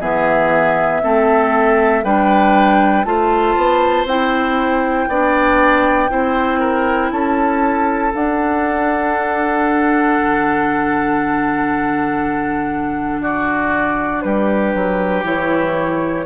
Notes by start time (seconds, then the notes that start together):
0.00 E3 B3 G#4 E5
1.02 A3 C4 A4
2.04 G3 D4 B4 G5
3.04 A3 F4 C5 A5
3.57 B3
4.05 C4 E4 G5
5.08 B3 D4 D5
6.09 C4 E4 C5
6.60 A#4
7.11 C#4 A4 A5
8.14 D4 F#5
10.18 D3
13.22 F#4 D5
14.22 G3 G4 B4
14.74 F#3
15.24 E3 E4 C#5